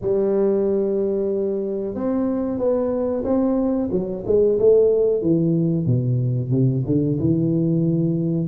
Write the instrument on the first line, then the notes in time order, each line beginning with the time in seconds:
tuba
0.01 G3
1.94 C4
2.58 B3
3.24 C4
3.91 F#3
4.26 G#3
4.59 A3
5.21 E3
5.85 B2
6.50 C3
6.86 D3
7.19 E3